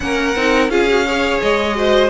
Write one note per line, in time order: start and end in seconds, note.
0.00 0.35 A#3
0.00 0.35 C#4
0.00 0.70 A#4
0.00 0.70 F#5
0.35 0.69 C4
0.35 0.70 D#4
0.69 1.39 C#4
0.69 0.87 F4
0.69 1.06 G#4
0.69 1.40 F5
0.88 1.06 F#4
1.06 1.75 G#4
1.06 1.76 C#5
1.41 2.10 G#3
1.41 2.10 D#5
1.75 2.10 F#4
1.75 2.10 C5